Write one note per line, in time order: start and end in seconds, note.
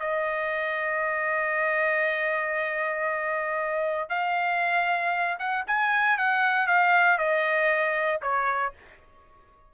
0.00 4.10 D#5
4.10 5.38 F5
5.39 5.65 F#5
5.67 6.18 G#5
6.18 6.67 F#5
6.67 7.18 F5
7.18 8.21 D#5
8.22 8.73 C#5